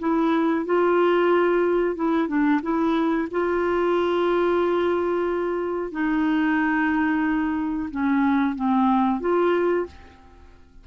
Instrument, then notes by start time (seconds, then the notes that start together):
clarinet
0.00 E4
0.66 F4
1.96 E4
2.28 D4
2.63 E4
3.31 F4
5.92 D#4
7.91 C#4
8.56 C4
9.21 F4